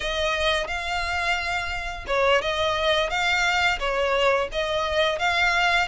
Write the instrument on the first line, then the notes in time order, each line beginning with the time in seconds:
violin
0.00 D#5
0.67 F5
2.07 C#5
2.41 D#5
3.09 F5
3.79 C#5
4.51 D#5
5.18 F5